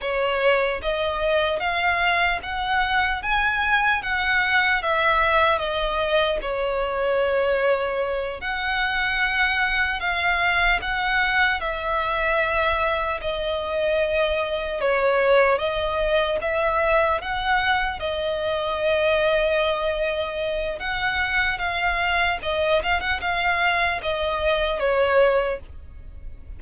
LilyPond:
\new Staff \with { instrumentName = "violin" } { \time 4/4 \tempo 4 = 75 cis''4 dis''4 f''4 fis''4 | gis''4 fis''4 e''4 dis''4 | cis''2~ cis''8 fis''4.~ | fis''8 f''4 fis''4 e''4.~ |
e''8 dis''2 cis''4 dis''8~ | dis''8 e''4 fis''4 dis''4.~ | dis''2 fis''4 f''4 | dis''8 f''16 fis''16 f''4 dis''4 cis''4 | }